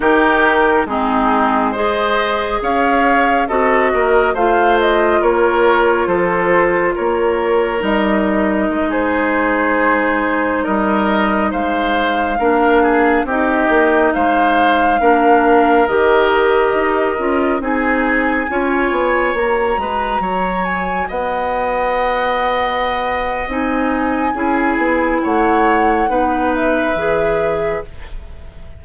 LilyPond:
<<
  \new Staff \with { instrumentName = "flute" } { \time 4/4 \tempo 4 = 69 ais'4 gis'4 dis''4 f''4 | dis''4 f''8 dis''8 cis''4 c''4 | cis''4 dis''4~ dis''16 c''4.~ c''16~ | c''16 dis''4 f''2 dis''8.~ |
dis''16 f''2 dis''4.~ dis''16~ | dis''16 gis''2 ais''4. gis''16~ | gis''16 fis''2~ fis''8. gis''4~ | gis''4 fis''4. e''4. | }
  \new Staff \with { instrumentName = "oboe" } { \time 4/4 g'4 dis'4 c''4 cis''4 | a'8 ais'8 c''4 ais'4 a'4 | ais'2~ ais'16 gis'4.~ gis'16~ | gis'16 ais'4 c''4 ais'8 gis'8 g'8.~ |
g'16 c''4 ais'2~ ais'8.~ | ais'16 gis'4 cis''4. b'8 cis''8.~ | cis''16 dis''2.~ dis''8. | gis'4 cis''4 b'2 | }
  \new Staff \with { instrumentName = "clarinet" } { \time 4/4 dis'4 c'4 gis'2 | fis'4 f'2.~ | f'4 dis'2.~ | dis'2~ dis'16 d'4 dis'8.~ |
dis'4~ dis'16 d'4 g'4. f'16~ | f'16 dis'4 f'4 fis'4.~ fis'16~ | fis'2. dis'4 | e'2 dis'4 gis'4 | }
  \new Staff \with { instrumentName = "bassoon" } { \time 4/4 dis4 gis2 cis'4 | c'8 ais8 a4 ais4 f4 | ais4 g4 gis2~ | gis16 g4 gis4 ais4 c'8 ais16~ |
ais16 gis4 ais4 dis4 dis'8 cis'16~ | cis'16 c'4 cis'8 b8 ais8 gis8 fis8.~ | fis16 b2~ b8. c'4 | cis'8 b8 a4 b4 e4 | }
>>